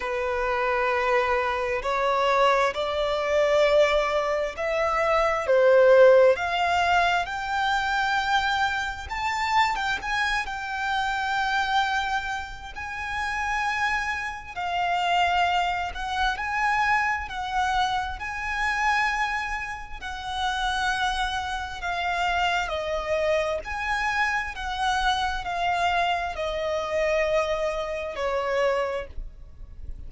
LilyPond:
\new Staff \with { instrumentName = "violin" } { \time 4/4 \tempo 4 = 66 b'2 cis''4 d''4~ | d''4 e''4 c''4 f''4 | g''2 a''8. g''16 gis''8 g''8~ | g''2 gis''2 |
f''4. fis''8 gis''4 fis''4 | gis''2 fis''2 | f''4 dis''4 gis''4 fis''4 | f''4 dis''2 cis''4 | }